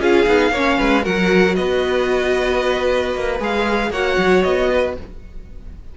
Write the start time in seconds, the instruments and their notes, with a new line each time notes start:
0.00 cello C#4, viola F4, violin G#4 F5
0.27 cello B3, viola D#4
0.51 cello A#3, viola C#4, violin C#5
0.78 cello G#3, violin B4
1.03 cello F#3, viola F#4, violin A#4 F#5
1.55 cello B3, violin B4 D#5
3.15 cello A#3
3.40 cello G#3, viola G#4, violin F5
3.90 cello A#3, viola F#4, violin C#5 F#5
4.18 cello F#3
4.43 cello B3, violin D#5
4.71 violin B4